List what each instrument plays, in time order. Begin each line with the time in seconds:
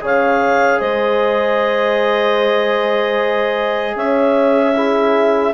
0.00 bassoon C#3, trombone G#4, horn C#5, clarinet F5
0.79 bassoon G#3, horn C5, clarinet D#5
3.95 bassoon C#4, horn C#5, clarinet E5
4.74 trombone E4, horn G#4